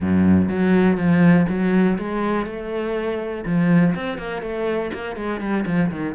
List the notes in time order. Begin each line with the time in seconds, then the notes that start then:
0.00 F#2
0.48 F#3
0.97 F3
1.49 F#3
1.98 G#3
2.45 A3
3.45 F3
3.95 C4
4.17 A#3
4.42 A3
4.93 A#3
5.16 G#3
5.40 G3
5.66 F3
5.91 D#3